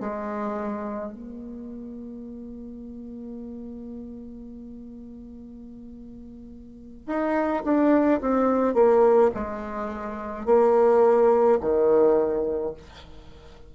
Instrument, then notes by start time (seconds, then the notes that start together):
bassoon
0.00 G#3
1.13 A#3
7.07 D#4
7.64 D4
8.21 C4
8.74 A#3
9.34 G#3
10.46 A#3
11.60 D#3